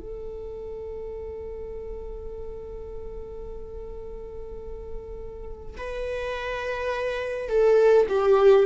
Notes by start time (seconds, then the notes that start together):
0.00 A4
5.77 B4
7.49 A4
8.09 G4